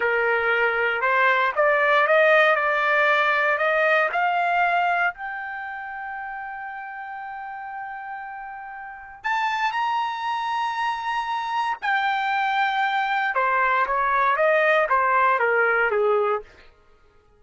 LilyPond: \new Staff \with { instrumentName = "trumpet" } { \time 4/4 \tempo 4 = 117 ais'2 c''4 d''4 | dis''4 d''2 dis''4 | f''2 g''2~ | g''1~ |
g''2 a''4 ais''4~ | ais''2. g''4~ | g''2 c''4 cis''4 | dis''4 c''4 ais'4 gis'4 | }